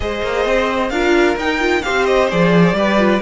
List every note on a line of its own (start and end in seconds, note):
0.00 0.22 G#3
0.00 0.90 G#4
0.00 0.91 C5
0.00 0.89 D#5
0.22 0.45 A#3
0.45 0.90 C4
0.89 1.36 D4
0.89 1.38 F4
0.89 1.83 A#4
0.89 1.35 F5
1.36 1.82 D#4
1.36 1.59 D#4
1.36 1.82 G5
1.59 1.82 F4
1.82 2.31 C4
1.82 2.29 G4
1.82 2.75 C5
1.82 2.05 F5
2.05 2.28 D#5
2.30 2.73 F3
2.30 2.75 G#4
2.30 3.21 D5
2.73 3.19 G3
2.73 2.98 G4
2.73 3.21 B4
2.98 3.21 F4